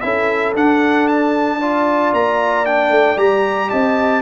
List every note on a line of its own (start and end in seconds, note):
0.00 0.55 C#4
0.00 0.54 E4
0.00 1.58 A4
0.00 0.53 E5
0.55 2.13 D4
0.55 1.60 D4
0.55 1.07 F#5
1.07 2.13 A5
1.58 2.66 F4
1.58 3.69 D5
2.13 2.90 A#3
2.13 2.65 A#5
2.65 3.17 D4
2.65 3.18 G5
2.90 3.16 A3
3.17 3.69 G3
3.17 4.22 G4
3.17 3.69 A#5
3.69 4.22 C4
3.69 4.21 D#5
3.69 4.22 A5